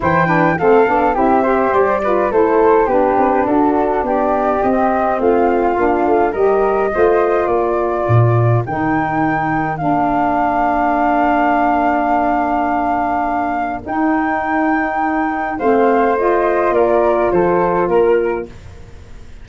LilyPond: <<
  \new Staff \with { instrumentName = "flute" } { \time 4/4 \tempo 4 = 104 g''4 f''4 e''4 d''4 | c''4 b'4 a'4 d''4 | dis''4 f''2 dis''4~ | dis''4 d''2 g''4~ |
g''4 f''2.~ | f''1 | g''2. f''4 | dis''4 d''4 c''4 ais'4 | }
  \new Staff \with { instrumentName = "flute" } { \time 4/4 c''8 b'8 a'4 g'8 c''4 b'8 | a'4 g'4 fis'4 g'4~ | g'4 f'2 ais'4 | c''4 ais'2.~ |
ais'1~ | ais'1~ | ais'2. c''4~ | c''4 ais'4 a'4 ais'4 | }
  \new Staff \with { instrumentName = "saxophone" } { \time 4/4 e'8 d'8 c'8 d'8 e'8 g'4 f'8 | e'4 d'2. | c'2 d'4 g'4 | f'2. dis'4~ |
dis'4 d'2.~ | d'1 | dis'2. c'4 | f'1 | }
  \new Staff \with { instrumentName = "tuba" } { \time 4/4 e4 a8 b8 c'4 g4 | a4 b8 c'8 d'4 b4 | c'4 a4 ais8 a8 g4 | a4 ais4 ais,4 dis4~ |
dis4 ais2.~ | ais1 | dis'2. a4~ | a4 ais4 f4 ais4 | }
>>